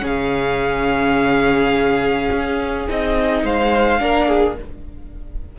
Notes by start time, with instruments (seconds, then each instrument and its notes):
0.00 cello C#3, viola C#4, violin G#4
0.06 violin F5
2.31 cello C#4
2.89 cello C4, viola D#4, violin D#5
3.43 cello G#3, violin C5 F5
3.99 cello A#3, viola D4, violin A#4
4.28 violin G#4